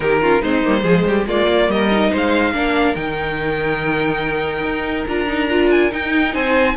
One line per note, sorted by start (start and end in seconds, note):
0.00 0.40 D#3
0.00 0.21 D#4
0.00 0.21 G4
0.00 0.42 A#4
0.21 0.43 C#4
0.21 0.41 F4
0.41 0.62 G#3
0.41 0.64 C4
0.41 0.82 D#4
0.41 1.26 C5
0.64 0.83 G3
0.64 0.81 A#3
0.81 1.04 F3
0.81 1.24 G#3
0.81 1.04 G#4
1.05 1.26 G3
1.05 1.27 G4
1.26 1.47 G#3
1.26 1.91 A#3
1.26 1.69 F4
1.26 1.70 D5
1.47 1.68 A#3
1.68 2.10 G3
1.68 2.10 A#4
1.68 2.13 D#5
1.91 2.53 D#4
2.10 2.52 G#3
2.10 2.53 C5
2.10 2.95 F5
2.52 2.94 A#3
2.52 2.95 D4
2.52 6.33 A#4
2.95 4.62 D#3
2.95 5.06 D#4
2.95 5.06 G5
4.62 5.04 D#4
5.07 5.92 D4
5.07 5.27 F4
5.07 5.70 A#5
5.27 5.48 D#4
5.50 5.90 F4
5.70 5.92 G#5
5.90 6.75 D#4
5.90 6.34 D#4
5.90 6.34 G5
6.33 6.76 C4
6.33 6.75 C5
6.33 6.76 G#5